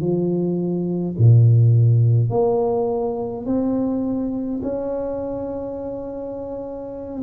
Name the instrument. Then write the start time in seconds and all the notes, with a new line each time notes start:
tuba
0.00 F3
1.17 A#2
2.30 A#3
3.45 C4
4.63 C#4